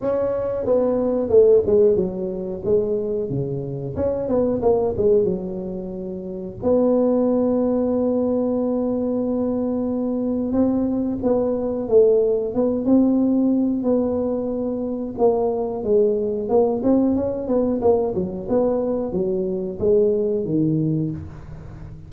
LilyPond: \new Staff \with { instrumentName = "tuba" } { \time 4/4 \tempo 4 = 91 cis'4 b4 a8 gis8 fis4 | gis4 cis4 cis'8 b8 ais8 gis8 | fis2 b2~ | b1 |
c'4 b4 a4 b8 c'8~ | c'4 b2 ais4 | gis4 ais8 c'8 cis'8 b8 ais8 fis8 | b4 fis4 gis4 dis4 | }